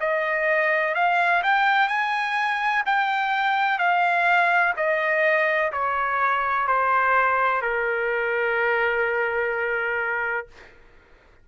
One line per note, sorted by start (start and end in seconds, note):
0.00 0.94 D#5
0.94 1.42 F5
1.43 1.88 G5
1.88 2.83 G#5
2.85 3.78 G5
3.78 4.74 F5
4.76 5.71 D#5
5.72 6.67 C#5
6.67 7.61 C5
7.61 10.47 A#4